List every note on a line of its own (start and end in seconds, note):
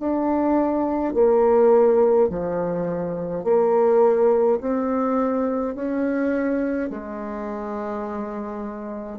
0.00 1.14 D4
1.14 2.29 A#3
2.29 3.44 F3
3.44 4.59 A#3
4.60 5.75 C4
5.75 6.90 C#4
6.90 9.19 G#3